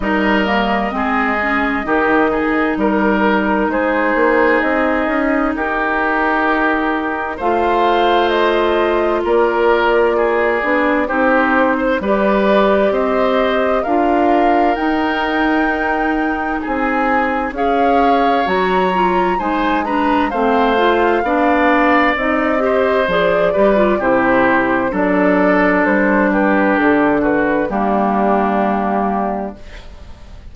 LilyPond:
<<
  \new Staff \with { instrumentName = "flute" } { \time 4/4 \tempo 4 = 65 dis''2. ais'4 | c''4 dis''4 ais'2 | f''4 dis''4 d''2 | c''4 d''4 dis''4 f''4 |
g''2 gis''4 f''4 | ais''4 gis''8 ais''8 f''2 | dis''4 d''4 c''4 d''4 | c''8 b'8 a'8 b'8 g'2 | }
  \new Staff \with { instrumentName = "oboe" } { \time 4/4 ais'4 gis'4 g'8 gis'8 ais'4 | gis'2 g'2 | c''2 ais'4 gis'4 | g'8. c''16 b'4 c''4 ais'4~ |
ais'2 gis'4 cis''4~ | cis''4 c''8 b'8 c''4 d''4~ | d''8 c''4 b'8 g'4 a'4~ | a'8 g'4 fis'8 d'2 | }
  \new Staff \with { instrumentName = "clarinet" } { \time 4/4 dis'8 ais8 c'8 cis'8 dis'2~ | dis'1 | f'2.~ f'8 d'8 | dis'4 g'2 f'4 |
dis'2. gis'4 | fis'8 f'8 dis'8 d'8 c'8 f'8 d'4 | dis'8 g'8 gis'8 g'16 f'16 e'4 d'4~ | d'2 ais2 | }
  \new Staff \with { instrumentName = "bassoon" } { \time 4/4 g4 gis4 dis4 g4 | gis8 ais8 c'8 cis'8 dis'2 | a2 ais4. b8 | c'4 g4 c'4 d'4 |
dis'2 c'4 cis'4 | fis4 gis4 a4 b4 | c'4 f8 g8 c4 fis4 | g4 d4 g2 | }
>>